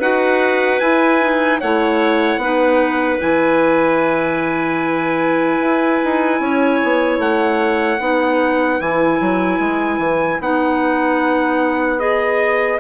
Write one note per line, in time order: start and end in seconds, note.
0.00 0.80 D#4
0.00 0.81 F#4
0.00 1.60 B4
0.00 0.80 F#5
0.80 1.61 E4
0.80 1.21 E4
0.80 1.60 G#5
1.21 1.61 D#4
1.60 2.37 A3
1.60 2.42 E4
1.60 2.40 C#5
1.60 3.21 F#5
2.37 3.17 B3
2.37 3.20 D#4
2.37 6.42 B4
3.20 5.60 E3
3.20 8.00 E4
3.20 7.21 G#5
5.60 6.00 E4
6.05 6.40 D#4
6.40 6.80 C#4
6.40 8.01 C#5
6.84 7.19 B3
7.19 7.99 A3
7.19 8.81 F#5
8.00 8.80 B3
8.00 8.80 D#4
8.00 12.80 B4
8.80 9.20 E3
8.80 10.42 E4
8.80 10.41 G#5
9.21 9.59 F#3
9.59 9.98 G#3
9.98 10.38 E3
10.40 12.80 B3
10.40 11.99 D#4
10.40 12.00 F#5
11.99 12.79 G#4
11.99 12.80 D#5